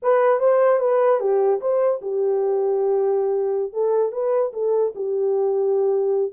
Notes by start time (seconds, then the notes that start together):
0.02 B4
0.39 C5
0.79 B4
1.20 G4
1.60 C5
2.01 G4
3.72 A4
4.11 B4
4.53 A4
4.95 G4